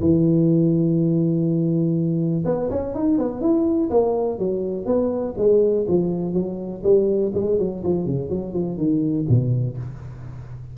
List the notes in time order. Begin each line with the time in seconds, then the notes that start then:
0.00 E3
2.45 B3
2.70 C#4
2.94 D#4
3.18 B3
3.41 E4
3.90 A#3
4.38 F#3
4.86 B3
5.37 G#3
5.88 F3
6.33 F#3
6.84 G3
7.34 G#3
7.58 F#3
7.84 F3
8.06 C#3
8.29 F#3
8.53 F3
8.78 D#3
9.29 B2